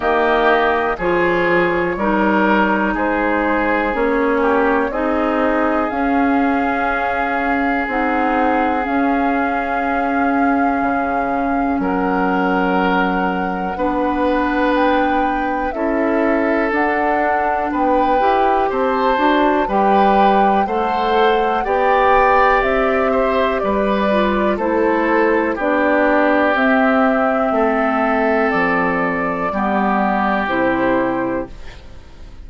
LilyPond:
<<
  \new Staff \with { instrumentName = "flute" } { \time 4/4 \tempo 4 = 61 dis''4 cis''2 c''4 | cis''4 dis''4 f''2 | fis''4 f''2. | fis''2. g''4 |
e''4 fis''4 g''4 a''4 | g''4 fis''4 g''4 e''4 | d''4 c''4 d''4 e''4~ | e''4 d''2 c''4 | }
  \new Staff \with { instrumentName = "oboe" } { \time 4/4 g'4 gis'4 ais'4 gis'4~ | gis'8 g'8 gis'2.~ | gis'1 | ais'2 b'2 |
a'2 b'4 c''4 | b'4 c''4 d''4. c''8 | b'4 a'4 g'2 | a'2 g'2 | }
  \new Staff \with { instrumentName = "clarinet" } { \time 4/4 ais4 f'4 dis'2 | cis'4 dis'4 cis'2 | dis'4 cis'2.~ | cis'2 d'2 |
e'4 d'4. g'4 fis'8 | g'4 a'4 g'2~ | g'8 f'8 e'4 d'4 c'4~ | c'2 b4 e'4 | }
  \new Staff \with { instrumentName = "bassoon" } { \time 4/4 dis4 f4 g4 gis4 | ais4 c'4 cis'2 | c'4 cis'2 cis4 | fis2 b2 |
cis'4 d'4 b8 e'8 c'8 d'8 | g4 a4 b4 c'4 | g4 a4 b4 c'4 | a4 f4 g4 c4 | }
>>